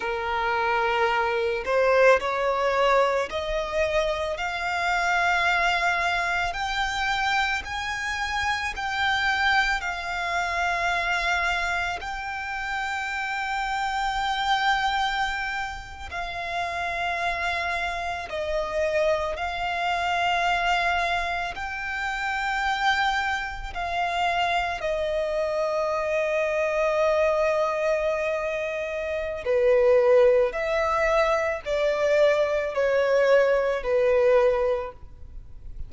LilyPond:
\new Staff \with { instrumentName = "violin" } { \time 4/4 \tempo 4 = 55 ais'4. c''8 cis''4 dis''4 | f''2 g''4 gis''4 | g''4 f''2 g''4~ | g''2~ g''8. f''4~ f''16~ |
f''8. dis''4 f''2 g''16~ | g''4.~ g''16 f''4 dis''4~ dis''16~ | dis''2. b'4 | e''4 d''4 cis''4 b'4 | }